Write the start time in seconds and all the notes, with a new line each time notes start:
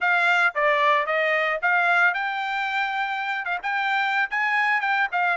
0.00 F5
0.55 D5
1.06 D#5
1.62 F5
2.14 G5
3.45 F5
3.62 G5
4.30 G#5
4.80 G5
5.12 F5